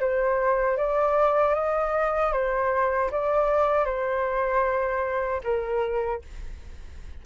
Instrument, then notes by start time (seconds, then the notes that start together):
flute
0.00 C5
0.77 D5
1.54 D#5
2.32 C5
3.11 D5
3.85 C5
5.44 A#4